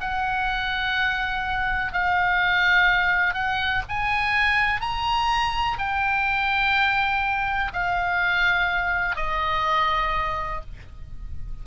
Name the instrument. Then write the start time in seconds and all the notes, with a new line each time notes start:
oboe
0.00 F#5
1.92 F5
3.34 F#5
3.88 G#5
4.80 A#5
5.78 G5
7.72 F5
9.16 D#5